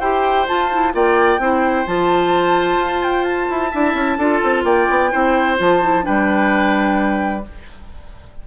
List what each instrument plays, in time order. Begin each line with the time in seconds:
0.00 bassoon E4, clarinet G4, oboe C5, flute G5
0.47 clarinet F4, bassoon F4, flute A5
0.72 clarinet E4
0.93 bassoon A#3, clarinet F4, oboe D5, flute G5
1.39 bassoon C4, clarinet E4, oboe C5
1.86 bassoon F3, clarinet F4, flute A5
2.78 bassoon F4
3.03 flute G5
3.24 flute A5
3.50 bassoon E4
3.71 bassoon D4, clarinet E4, oboe E5
3.94 bassoon C#4
4.18 bassoon D4, clarinet F4, oboe A4
4.44 bassoon C4
4.64 bassoon A#3, oboe D5, flute G5
4.90 bassoon B3
5.11 bassoon C4, clarinet E4, oboe C5
5.57 bassoon F3, clarinet F4, flute A5
5.82 clarinet E4
6.03 bassoon G3, clarinet D4, oboe B4, flute G5